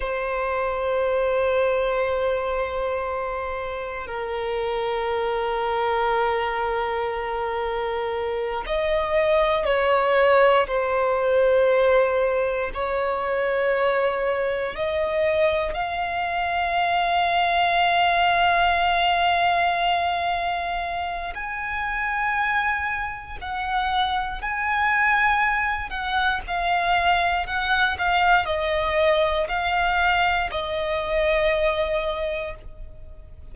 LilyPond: \new Staff \with { instrumentName = "violin" } { \time 4/4 \tempo 4 = 59 c''1 | ais'1~ | ais'8 dis''4 cis''4 c''4.~ | c''8 cis''2 dis''4 f''8~ |
f''1~ | f''4 gis''2 fis''4 | gis''4. fis''8 f''4 fis''8 f''8 | dis''4 f''4 dis''2 | }